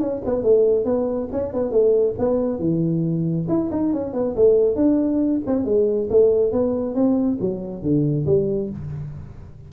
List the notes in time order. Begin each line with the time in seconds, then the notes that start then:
0.00 C#4
0.25 B3
0.43 A3
0.85 B3
1.32 C#4
1.53 B3
1.71 A3
2.19 B3
2.59 E3
3.48 E4
3.71 D#4
3.93 C#4
4.13 B3
4.36 A3
4.76 D4
5.47 C4
5.65 G#3
6.10 A3
6.52 B3
6.95 C4
7.41 F#3
7.82 D3
8.26 G3